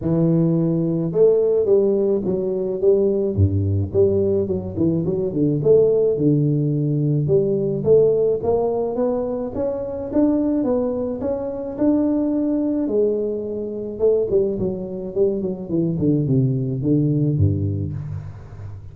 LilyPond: \new Staff \with { instrumentName = "tuba" } { \time 4/4 \tempo 4 = 107 e2 a4 g4 | fis4 g4 g,4 g4 | fis8 e8 fis8 d8 a4 d4~ | d4 g4 a4 ais4 |
b4 cis'4 d'4 b4 | cis'4 d'2 gis4~ | gis4 a8 g8 fis4 g8 fis8 | e8 d8 c4 d4 g,4 | }